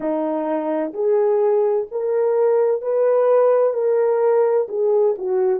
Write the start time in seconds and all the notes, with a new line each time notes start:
0.00 D#4
0.93 G#4
1.90 A#4
2.81 B4
3.73 A#4
4.68 G#4
5.18 F#4